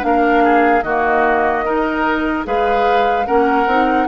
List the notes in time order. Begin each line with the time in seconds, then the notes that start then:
0.00 A#3 D4 F5
0.07 A#4
0.44 G#4
0.83 D#3 A#3 F#4 D#5
1.65 D#4 A#4
2.44 G#3 G#4 B4 F5
3.26 A#3 C#4 A#4 F#5
3.66 C4 D#4